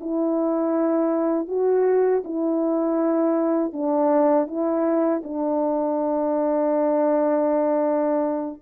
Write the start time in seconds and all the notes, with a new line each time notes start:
0.00 E4
1.48 F#4
2.24 E4
3.72 D4
4.47 E4
5.23 D4